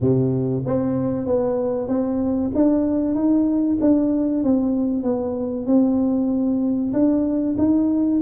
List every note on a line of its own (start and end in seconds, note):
0.00 0.63 C3
0.66 1.26 C4
1.26 1.88 B3
1.88 2.51 C4
2.54 3.14 D4
3.14 3.77 D#4
3.80 4.43 D4
4.43 5.03 C4
5.03 5.66 B3
5.66 6.92 C4
6.93 7.56 D4
7.58 8.21 D#4